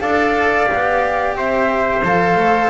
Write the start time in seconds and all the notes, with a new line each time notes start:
0.00 D4 A4 D5 F5
0.66 G4
0.73 B3
1.35 C4 C5 E5
2.03 F3 A4 F5
2.35 A3